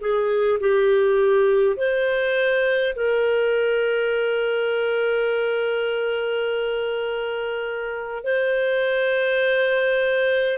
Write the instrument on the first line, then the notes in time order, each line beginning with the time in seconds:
clarinet
0.00 G#4
0.60 G4
1.76 C5
2.95 A#4
8.23 C5